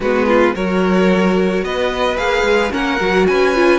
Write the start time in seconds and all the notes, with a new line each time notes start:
0.00 G#3 B3 F#4 B4
0.27 F4
0.54 F#3 F#4 A#4 C#5
1.62 B3 B4 D#5
2.16 A#3 G#4 F5
2.42 G#3
2.70 A#3 C#4 A#4 F#5
3.00 F#3 F#4
3.26 C#4 B4 G#5
3.54 F4